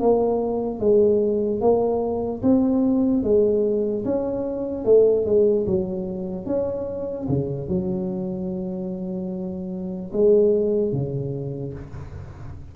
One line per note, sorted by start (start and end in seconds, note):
0.00 0.80 A#3
0.80 1.61 G#3
1.61 2.42 A#3
2.43 3.23 C4
3.23 4.04 G#3
4.05 4.85 C#4
4.85 5.26 A3
5.26 5.66 G#3
5.66 6.46 F#3
6.46 7.27 C#4
7.29 7.68 C#3
7.68 10.11 F#3
10.13 10.92 G#3
10.92 11.73 C#3